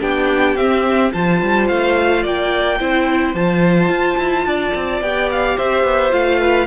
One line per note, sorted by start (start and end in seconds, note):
0.00 0.56 B3
0.00 0.56 D4
0.00 1.11 G4
0.00 0.56 G5
0.56 1.12 C4
0.56 1.11 E5
1.12 1.42 F3
1.12 2.78 F4
1.12 2.22 C5
1.12 1.68 A5
1.42 1.69 G3
1.68 2.24 A3
1.68 2.23 F5
2.22 2.80 A#3
2.22 2.78 D5
2.22 3.34 G5
2.79 3.34 C4
2.79 3.34 E4
2.79 4.46 C5
3.34 3.89 F3
3.34 5.03 F4
3.34 5.01 A5
3.89 4.17 F4
4.17 4.45 E4
4.45 4.73 D4
4.45 5.56 D5
4.74 5.01 C4
5.01 5.56 B3
5.01 6.10 G4
5.01 5.29 G5
5.31 5.57 F5
5.56 5.84 C4
5.56 6.39 C5
5.56 6.12 E5
5.84 6.11 B3
6.10 6.67 A3
6.10 6.66 F4
6.10 6.67 F5
6.39 6.67 B4